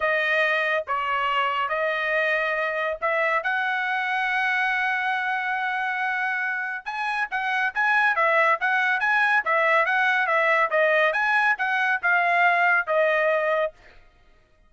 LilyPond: \new Staff \with { instrumentName = "trumpet" } { \time 4/4 \tempo 4 = 140 dis''2 cis''2 | dis''2. e''4 | fis''1~ | fis''1 |
gis''4 fis''4 gis''4 e''4 | fis''4 gis''4 e''4 fis''4 | e''4 dis''4 gis''4 fis''4 | f''2 dis''2 | }